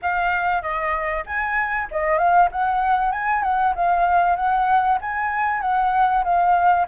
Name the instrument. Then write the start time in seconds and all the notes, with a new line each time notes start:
flute
0.02 F5
0.61 D#5
1.26 G#5
1.91 D#5
2.18 F5
2.51 F#5
3.12 G#5
3.42 F#5
3.75 F5
4.36 F#5
5.01 G#5
5.61 F#5
6.24 F5